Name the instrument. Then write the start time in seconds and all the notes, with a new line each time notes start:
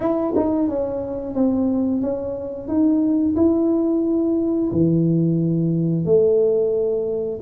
tuba
0.00 E4
0.36 D#4
0.68 C#4
1.34 C4
2.01 C#4
2.68 D#4
3.36 E4
4.72 E3
6.05 A3